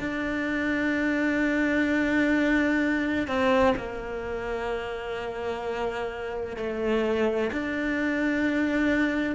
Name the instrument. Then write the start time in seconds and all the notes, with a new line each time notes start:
cello
0.00 D4
3.28 C4
3.77 A#3
6.57 A3
7.53 D4